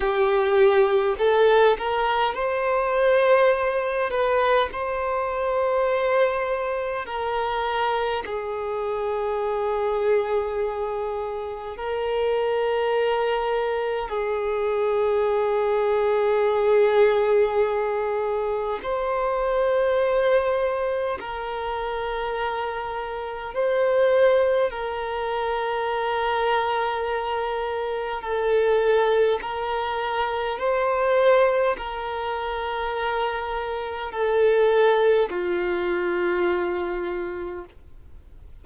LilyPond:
\new Staff \with { instrumentName = "violin" } { \time 4/4 \tempo 4 = 51 g'4 a'8 ais'8 c''4. b'8 | c''2 ais'4 gis'4~ | gis'2 ais'2 | gis'1 |
c''2 ais'2 | c''4 ais'2. | a'4 ais'4 c''4 ais'4~ | ais'4 a'4 f'2 | }